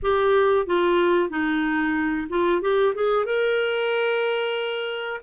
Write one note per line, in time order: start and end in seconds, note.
0.02 0.66 G4
0.66 1.29 F4
1.29 2.27 D#4
2.29 2.61 F4
2.61 2.94 G4
2.94 3.25 G#4
3.25 5.21 A#4